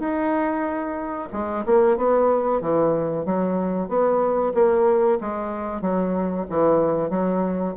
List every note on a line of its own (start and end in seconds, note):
0.00 1.29 D#4
1.33 1.65 G#3
1.66 1.98 A#3
1.98 2.61 B3
2.61 3.26 E3
3.26 3.89 F#3
3.89 4.54 B3
4.55 5.19 A#3
5.21 5.82 G#3
5.82 6.47 F#3
6.50 7.11 E3
7.11 7.75 F#3